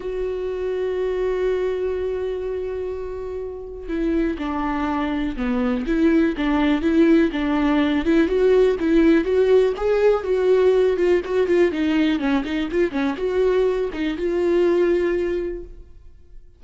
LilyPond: \new Staff \with { instrumentName = "viola" } { \time 4/4 \tempo 4 = 123 fis'1~ | fis'1 | e'4 d'2 b4 | e'4 d'4 e'4 d'4~ |
d'8 e'8 fis'4 e'4 fis'4 | gis'4 fis'4. f'8 fis'8 f'8 | dis'4 cis'8 dis'8 f'8 cis'8 fis'4~ | fis'8 dis'8 f'2. | }